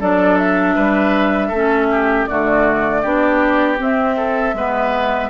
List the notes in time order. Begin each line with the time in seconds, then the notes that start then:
0.00 F#3 D4 A4 D5
0.37 E5
0.75 G3 B4
1.48 A3 A4
1.54 C#4
1.91 G4
2.25 D3 A3 F#4 D5
3.02 B3 D4 G4
3.77 C4 E5
4.17 A4
4.53 G#3 B3 B4